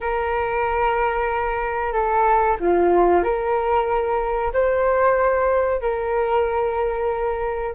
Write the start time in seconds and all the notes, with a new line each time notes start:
0.00 A#4
1.92 A4
2.60 F4
3.23 A#4
4.53 C5
5.81 A#4